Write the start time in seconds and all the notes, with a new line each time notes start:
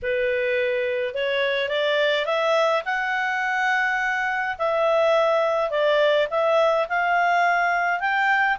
0.02 B4
1.14 C#5
1.68 D5
2.25 E5
2.85 F#5
4.58 E5
5.70 D5
6.30 E5
6.89 F5
7.99 G5